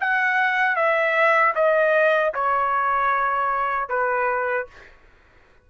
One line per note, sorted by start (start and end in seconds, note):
0.00 0.76 F#5
0.76 1.54 E5
1.55 2.33 D#5
2.34 3.89 C#5
3.89 4.67 B4